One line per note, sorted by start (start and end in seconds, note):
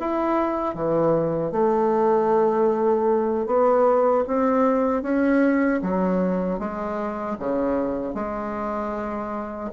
0.00 0.75 E4
0.75 1.52 E3
1.52 3.46 A3
3.47 4.25 B3
4.28 5.03 C4
5.03 5.81 C#4
5.82 6.59 F#3
6.59 7.37 G#3
7.40 8.14 C#3
8.14 9.70 G#3